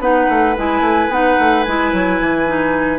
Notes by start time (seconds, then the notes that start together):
0.00 B3 D#4 B4 F#5
0.29 A3
0.57 G#3 E4 G#5
0.81 A3
1.08 B3 D#4 F#5
1.40 A3
1.63 G#3 E4 G#5
1.93 F#3
2.21 E3
2.47 D#4